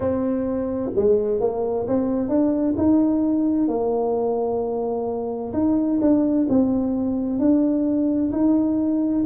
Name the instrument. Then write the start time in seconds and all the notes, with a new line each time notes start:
tuba
0.00 C4
0.95 G#3
1.40 A#3
1.87 C4
2.28 D4
2.77 D#4
3.68 A#3
5.53 D#4
6.01 D4
6.49 C4
7.38 D4
8.32 D#4